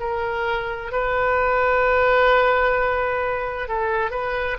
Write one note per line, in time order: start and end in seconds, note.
0.00 0.92 A#4
0.92 3.68 B4
3.68 4.11 A4
4.11 4.57 B4